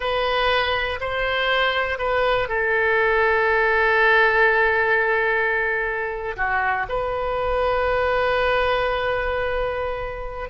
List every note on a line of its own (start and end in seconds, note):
0.00 0.99 B4
1.00 1.98 C5
1.98 2.48 B4
2.48 6.36 A4
6.36 6.86 F#4
6.88 10.49 B4